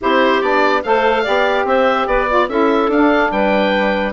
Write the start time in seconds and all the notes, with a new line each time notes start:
0.01 C4 E4 G4 C5
0.41 B3 D4 D5
0.83 A3 A4 C5 F5
1.23 B3 G4 D5
1.65 C4 C5 E5
2.07 B3 B4 D5
2.28 F4 D5
2.48 C#4 E4 A4 E5
2.88 D4 F5
3.31 G3 B4 G5